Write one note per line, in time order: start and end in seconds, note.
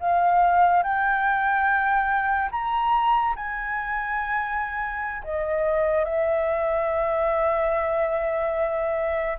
0.00 0.83 F5
0.83 2.50 G5
2.52 3.35 A#5
3.36 5.23 G#5
5.24 6.05 D#5
6.05 9.38 E5